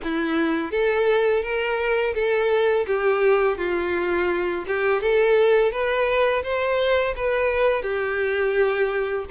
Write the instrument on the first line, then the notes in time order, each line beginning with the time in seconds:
violin
0.03 E4
0.71 A4
1.42 A#4
2.14 A4
2.86 G4
3.57 F4
4.67 G4
5.01 A4
5.71 B4
6.43 C5
7.16 B4
7.82 G4